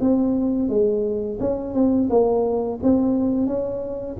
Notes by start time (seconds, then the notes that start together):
0.00 C4
0.68 G#3
1.40 C#4
1.74 C4
2.09 A#3
2.83 C4
3.47 C#4